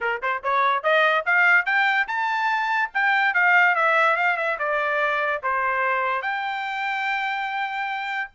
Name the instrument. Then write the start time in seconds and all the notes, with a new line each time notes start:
trumpet
0.00 A#4
0.21 C5
0.43 C#5
0.83 D#5
1.25 F5
1.65 G5
2.07 A5
2.94 G5
3.34 F5
3.75 E5
4.16 F5
4.37 E5
4.58 D5
5.42 C5
6.22 G5